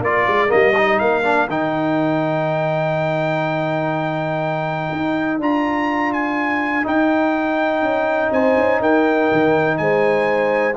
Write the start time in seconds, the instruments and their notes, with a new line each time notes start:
0.00 tuba A#3, trombone F4, horn A#4, trumpet D5
0.27 tuba G#3
0.48 tuba G3, trombone A#3, trumpet D#5
0.77 trombone D#4
0.99 tuba A#3, trumpet F5
1.23 trombone D4
1.48 tuba D#3, trombone D#4, trumpet G5
4.92 tuba D#4
5.38 tuba D4, trombone F4, trumpet A#5
6.13 trumpet G#5
6.83 trombone D#4, tuba D#4, trumpet G5
7.82 tuba C#4
8.32 tuba C4, horn C5, trumpet G#5
8.57 tuba C#4
8.81 tuba D#4, horn A#4, trumpet G5
9.32 tuba D#3
9.77 tuba G#3, horn C5, trumpet G#5